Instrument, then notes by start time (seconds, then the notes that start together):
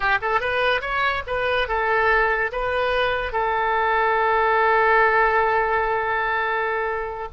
oboe
0.00 G4
0.21 A4
0.40 B4
0.81 C#5
1.26 B4
1.68 A4
2.52 B4
3.32 A4